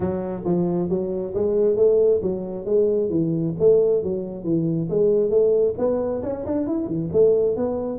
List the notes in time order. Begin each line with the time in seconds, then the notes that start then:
0.00 F#3
0.44 F3
0.89 F#3
1.34 G#3
1.76 A3
2.22 F#3
2.65 G#3
3.09 E3
3.59 A3
4.03 F#3
4.44 E3
4.89 G#3
5.30 A3
5.78 B3
6.23 C#4
6.45 D4
6.66 E4
6.87 E3
7.12 A3
7.56 B3